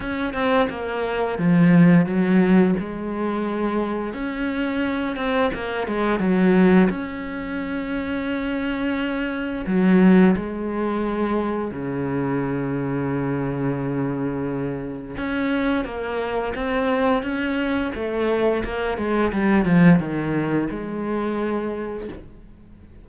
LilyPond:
\new Staff \with { instrumentName = "cello" } { \time 4/4 \tempo 4 = 87 cis'8 c'8 ais4 f4 fis4 | gis2 cis'4. c'8 | ais8 gis8 fis4 cis'2~ | cis'2 fis4 gis4~ |
gis4 cis2.~ | cis2 cis'4 ais4 | c'4 cis'4 a4 ais8 gis8 | g8 f8 dis4 gis2 | }